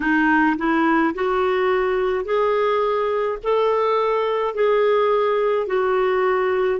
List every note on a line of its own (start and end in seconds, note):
0.00 0.56 D#4
0.57 1.14 E4
1.14 2.24 F#4
2.24 3.38 G#4
3.43 4.54 A4
4.54 5.66 G#4
5.66 6.79 F#4